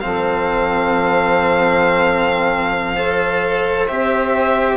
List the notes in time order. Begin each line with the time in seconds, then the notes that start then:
0.00 F3 C4 A4 F5
2.96 A4 C5
3.88 C4 G4 E5